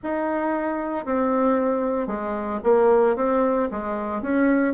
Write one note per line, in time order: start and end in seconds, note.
0.02 1.05 D#4
1.05 2.07 C4
2.07 2.59 G#3
2.63 3.16 A#3
3.16 3.68 C4
3.71 4.22 G#3
4.22 4.74 C#4